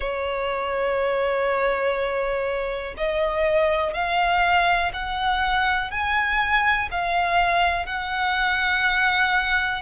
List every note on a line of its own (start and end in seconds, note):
0.00 2.94 C#5
2.97 3.93 D#5
3.93 4.91 F5
4.93 5.90 F#5
5.90 6.89 G#5
6.91 7.86 F5
7.86 9.81 F#5